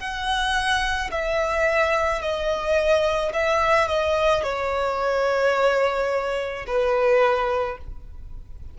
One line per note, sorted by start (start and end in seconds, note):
0.00 1.11 F#5
1.12 2.22 E5
2.22 3.33 D#5
3.33 3.88 E5
3.88 4.43 D#5
4.43 6.66 C#5
6.67 7.78 B4